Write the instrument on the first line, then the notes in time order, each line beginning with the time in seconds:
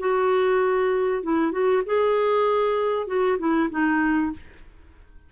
clarinet
0.00 F#4
1.23 E4
1.52 F#4
1.86 G#4
3.08 F#4
3.39 E4
3.71 D#4